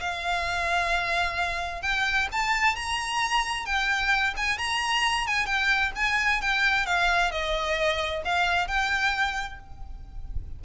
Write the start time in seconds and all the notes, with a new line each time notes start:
0.00 F5
1.82 G5
2.32 A5
2.76 A#5
3.66 G5
4.37 G#5
4.58 A#5
5.27 G#5
5.46 G5
5.96 G#5
6.42 G5
6.86 F5
7.32 D#5
8.25 F5
8.68 G5